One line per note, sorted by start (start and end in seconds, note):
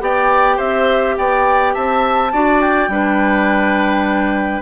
0.00 0.58 B3
0.00 2.31 G4
0.00 0.56 D5
0.00 0.58 G5
0.56 1.17 C4
0.56 1.14 C5
0.56 1.16 E5
1.17 1.75 B3
1.17 1.74 D5
1.17 1.74 G5
1.74 2.33 C4
1.74 2.31 E5
1.74 2.60 A5
2.32 2.88 D4
2.32 2.90 F#4
2.32 2.90 D5
2.60 4.62 G5
2.88 4.61 G3
2.88 4.62 D4
2.88 4.62 B4